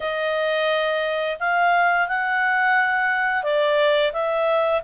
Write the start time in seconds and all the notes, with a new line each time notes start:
0.00 D#5
1.39 F5
2.08 F#5
3.43 D5
4.12 E5